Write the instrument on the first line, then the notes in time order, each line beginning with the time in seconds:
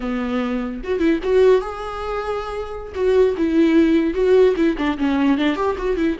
viola
0.00 B3
0.83 F#4
0.99 E4
1.23 F#4
1.61 G#4
2.94 F#4
3.37 E4
4.14 F#4
4.56 E4
4.77 D4
4.98 C#4
5.37 D4
5.55 G4
5.78 F#4
5.96 E4